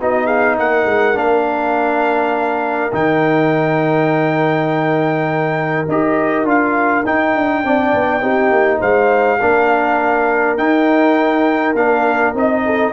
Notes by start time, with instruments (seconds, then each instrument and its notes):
0.00 tuba B3, trombone D#4, horn F#4, trumpet D#5
0.25 horn G#4, trumpet F5
0.59 tuba A#3, horn A#4, trumpet F#5
0.85 tuba G#3
1.15 tuba A#3, trombone D4, trumpet F5
2.92 tuba D#3, trombone D#4, trumpet G5
5.88 tuba D#4, trombone G4, trumpet D#5
6.44 tuba D4, trombone F4, trumpet F5
7.05 tuba D#4, trombone D#4, trumpet G5
7.35 tuba D4
7.63 tuba C4, trombone D4, horn D5
7.94 tuba B3
8.21 tuba C4, trombone D#4, horn G4
8.51 tuba A#3
8.79 tuba G#3, horn C5, trumpet F5
9.40 tuba A#3, trombone D4, horn A#4
10.57 trombone D#4, tuba D#4, trumpet G5
11.74 tuba A#3, trombone D4, trumpet F5
12.34 tuba C4, trombone D#4, trumpet D#5
12.65 horn A4